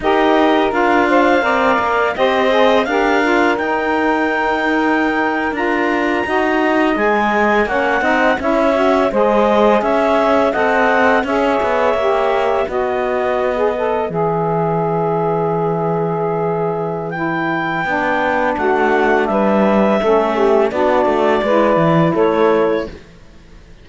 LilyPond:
<<
  \new Staff \with { instrumentName = "clarinet" } { \time 4/4 \tempo 4 = 84 dis''4 f''2 dis''4 | f''4 g''2~ g''8. ais''16~ | ais''4.~ ais''16 gis''4 fis''4 e''16~ | e''8. dis''4 e''4 fis''4 e''16~ |
e''4.~ e''16 dis''2 e''16~ | e''1 | g''2 fis''4 e''4~ | e''4 d''2 cis''4 | }
  \new Staff \with { instrumentName = "saxophone" } { \time 4/4 ais'4. c''8 d''4 c''4 | ais'1~ | ais'8. dis''2 cis''8 dis''8 cis''16~ | cis''8. c''4 cis''4 dis''4 cis''16~ |
cis''4.~ cis''16 b'2~ b'16~ | b'1~ | b'2 fis'4 b'4 | a'8 g'8 fis'4 b'4 a'4 | }
  \new Staff \with { instrumentName = "saxophone" } { \time 4/4 g'4 f'4 ais'4 g'8 gis'8 | g'8 f'8 dis'2~ dis'8. f'16~ | f'8. fis'4 gis'4 cis'8 dis'8 e'16~ | e'16 fis'8 gis'2 a'4 gis'16~ |
gis'8. g'4 fis'4~ fis'16 gis'16 a'8 gis'16~ | gis'1 | e'4 d'2. | cis'4 d'4 e'2 | }
  \new Staff \with { instrumentName = "cello" } { \time 4/4 dis'4 d'4 c'8 ais8 c'4 | d'4 dis'2~ dis'8. d'16~ | d'8. dis'4 gis4 ais8 c'8 cis'16~ | cis'8. gis4 cis'4 c'4 cis'16~ |
cis'16 b8 ais4 b2 e16~ | e1~ | e4 b4 a4 g4 | a4 b8 a8 gis8 e8 a4 | }
>>